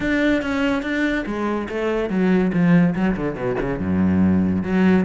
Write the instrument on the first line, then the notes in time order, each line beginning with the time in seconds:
cello
0.00 D4
0.42 C#4
0.82 D4
1.26 G#3
1.69 A3
2.09 F#3
2.53 F3
2.95 F#3
3.16 D3
3.35 B2
3.60 C#3
3.79 F#2
4.63 F#3